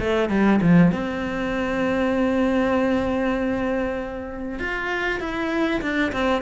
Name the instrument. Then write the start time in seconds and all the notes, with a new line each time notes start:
cello
0.00 A3
0.30 G3
0.62 F3
0.92 C4
4.59 F4
5.20 E4
5.82 D4
6.13 C4